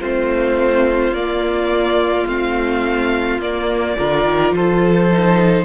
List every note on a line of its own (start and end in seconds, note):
0.00 1.11 A3
0.00 1.15 C4
0.00 3.96 F4
0.00 1.14 C5
1.11 2.24 A#3
1.11 2.28 A#3
1.11 2.27 D5
2.27 3.39 A3
2.27 3.41 C4
2.27 3.41 F5
3.39 3.96 A#3
3.39 3.97 A#3
3.39 4.54 D5
3.97 4.25 D3
3.97 5.10 F4
3.97 4.55 A#4
4.25 4.51 D#3
4.51 5.64 F3
4.51 5.65 A4
4.51 5.65 C5
5.12 5.65 D#4